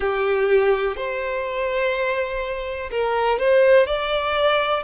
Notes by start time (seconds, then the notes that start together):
0.00 G4
0.96 C5
2.90 A#4
3.38 C5
3.86 D5